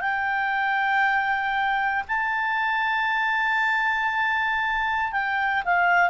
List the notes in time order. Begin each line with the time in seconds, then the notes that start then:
0.00 G5
2.08 A5
5.11 G5
5.64 F5